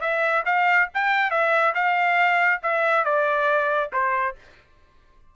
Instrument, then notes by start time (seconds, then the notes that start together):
trumpet
0.00 E5
0.45 F5
0.94 G5
1.30 E5
1.74 F5
2.62 E5
3.04 D5
3.92 C5